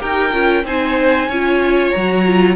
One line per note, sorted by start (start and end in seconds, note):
0.00 0.33 D#4
0.00 0.32 G4
0.00 0.64 A#4
0.00 0.66 G5
0.33 0.65 C#4
0.33 0.65 F4
0.65 1.29 C4
0.65 1.30 D#4
0.65 1.29 C5
0.65 1.92 G#5
1.29 1.92 C#4
1.29 1.96 F4
1.29 2.56 C#5
1.92 2.56 F#3
1.92 2.27 F#4
1.92 2.56 A#5
2.27 2.56 F4